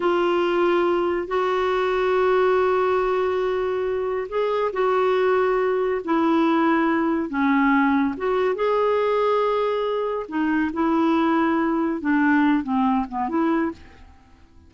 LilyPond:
\new Staff \with { instrumentName = "clarinet" } { \time 4/4 \tempo 4 = 140 f'2. fis'4~ | fis'1~ | fis'2 gis'4 fis'4~ | fis'2 e'2~ |
e'4 cis'2 fis'4 | gis'1 | dis'4 e'2. | d'4. c'4 b8 e'4 | }